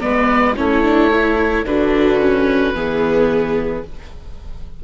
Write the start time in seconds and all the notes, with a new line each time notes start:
0.00 G#3 B3 B4 D5
0.56 A3 C#4 E4 C#5
0.83 D4
1.10 E4
1.63 D3 D4 F#4 B4
2.19 C#4
2.73 E3 B3 G#4